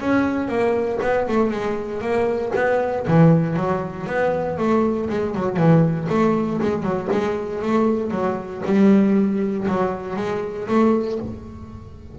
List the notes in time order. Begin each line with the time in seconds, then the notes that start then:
0.00 C#4
0.48 A#3
1.02 B3
1.28 A3
1.51 G#3
2.01 A#3
2.55 B3
3.07 E3
3.56 F#3
4.06 B3
4.57 A3
5.09 G#3
5.35 F#3
5.56 E3
6.09 A3
6.61 G#3
6.83 F#3
7.11 G#3
7.62 A3
8.11 F#3
8.65 G3
9.67 F#3
10.16 G#3
10.68 A3